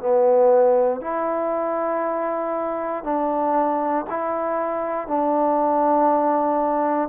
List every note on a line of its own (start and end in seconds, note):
0.00 1.01 B3
1.01 3.04 E4
3.04 4.05 D4
4.10 5.08 E4
5.08 7.09 D4